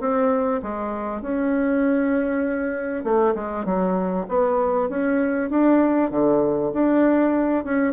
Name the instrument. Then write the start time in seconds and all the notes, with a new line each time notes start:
bassoon
0.00 C4
0.62 G#3
1.22 C#4
3.04 A3
3.35 G#3
3.65 F#3
4.28 B3
4.89 C#4
5.50 D4
6.11 D3
6.73 D4
7.64 C#4